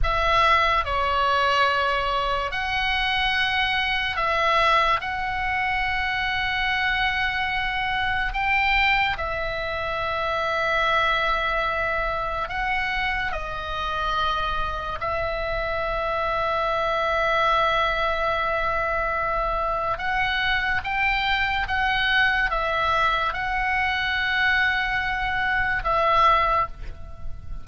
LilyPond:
\new Staff \with { instrumentName = "oboe" } { \time 4/4 \tempo 4 = 72 e''4 cis''2 fis''4~ | fis''4 e''4 fis''2~ | fis''2 g''4 e''4~ | e''2. fis''4 |
dis''2 e''2~ | e''1 | fis''4 g''4 fis''4 e''4 | fis''2. e''4 | }